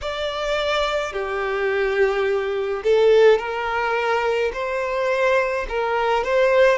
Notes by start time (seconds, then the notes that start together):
0.01 D5
1.13 G4
2.83 A4
3.38 A#4
4.53 C5
5.69 A#4
6.24 C5